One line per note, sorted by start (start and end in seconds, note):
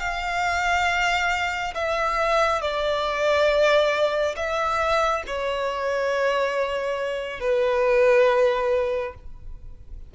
0.00 1.74 F5
1.75 2.62 E5
2.62 4.36 D5
4.36 5.23 E5
5.27 7.40 C#5
7.40 9.14 B4